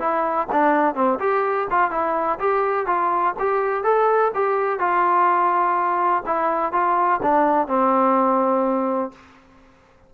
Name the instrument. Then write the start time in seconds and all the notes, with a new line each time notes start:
trombone
0.00 E4
0.53 D4
0.95 C4
1.20 G4
1.71 F4
1.91 E4
2.40 G4
2.87 F4
3.40 G4
3.84 A4
4.35 G4
4.80 F4
6.26 E4
6.73 F4
7.23 D4
7.68 C4